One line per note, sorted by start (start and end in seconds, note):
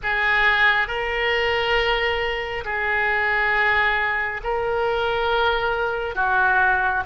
0.02 0.87 G#4
0.87 2.64 A#4
2.65 4.41 G#4
4.44 6.15 A#4
6.15 7.03 F#4